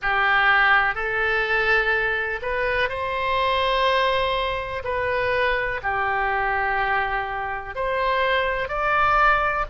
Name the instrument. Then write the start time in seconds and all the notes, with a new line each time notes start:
oboe
0.02 G4
0.94 A4
2.42 B4
2.89 C5
4.83 B4
5.82 G4
7.75 C5
8.68 D5